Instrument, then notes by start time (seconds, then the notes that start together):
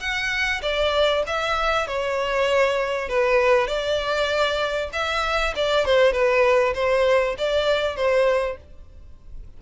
violin
0.00 F#5
0.62 D5
1.27 E5
1.87 C#5
3.09 B4
3.67 D5
4.93 E5
5.56 D5
5.86 C5
6.12 B4
6.74 C5
7.38 D5
7.96 C5